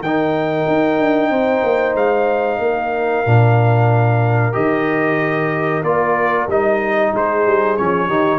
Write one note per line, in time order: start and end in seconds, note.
0.00 0.65 D#3
0.00 3.25 D#4
0.00 1.30 A#4
0.00 1.96 G5
0.67 0.99 D#4
0.99 1.30 D4
1.30 1.62 C4
1.30 2.59 C5
1.63 1.94 A#3
1.94 2.59 G#3
1.94 4.54 F5
2.59 3.23 A#3
2.59 7.12 A#4
3.25 4.55 A#2
3.25 4.52 D4
4.52 5.82 D#3
4.52 5.81 G4
4.52 5.83 D#5
5.82 6.47 A#3
5.82 6.49 F4
5.82 6.48 D5
6.47 7.11 G3
6.47 7.78 D#4
6.47 7.15 D#5
7.12 7.46 G#3
7.12 8.07 G#4
7.12 7.77 C5
7.46 7.78 G3
7.77 8.08 F3
7.77 8.09 C#4
7.77 8.39 C#5
8.07 8.39 D#3
8.07 8.39 D#4
8.07 8.39 G4